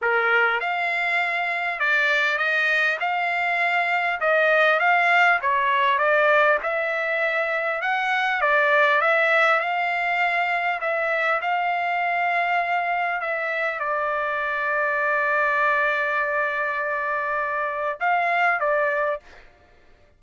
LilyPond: \new Staff \with { instrumentName = "trumpet" } { \time 4/4 \tempo 4 = 100 ais'4 f''2 d''4 | dis''4 f''2 dis''4 | f''4 cis''4 d''4 e''4~ | e''4 fis''4 d''4 e''4 |
f''2 e''4 f''4~ | f''2 e''4 d''4~ | d''1~ | d''2 f''4 d''4 | }